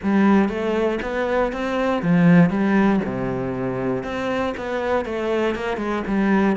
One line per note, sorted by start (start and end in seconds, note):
0.03 0.48 G3
0.48 0.99 A3
1.02 1.52 B3
1.52 2.02 C4
2.02 2.50 F3
2.50 3.00 G3
3.05 4.03 C3
4.03 4.54 C4
4.57 5.05 B3
5.05 5.55 A3
5.55 5.77 A#3
5.77 6.02 G#3
6.07 6.56 G3